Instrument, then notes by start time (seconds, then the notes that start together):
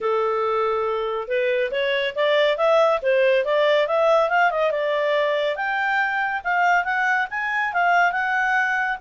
clarinet
0.01 A4
1.28 B4
1.71 C#5
2.15 D5
2.57 E5
3.02 C5
3.45 D5
3.87 E5
4.29 F5
4.50 D#5
4.71 D5
5.56 G5
6.44 F5
6.84 F#5
7.30 G#5
7.73 F5
8.12 F#5